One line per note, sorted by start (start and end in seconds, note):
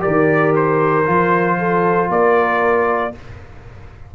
0.00 1.03 G4
0.00 1.57 A#4
0.00 0.54 D5
0.07 1.08 D#3
0.56 2.11 C5
1.06 2.10 F3
1.06 3.12 F4
1.59 2.11 A4
2.10 3.13 A#3
2.10 3.15 A#4
2.10 3.15 D5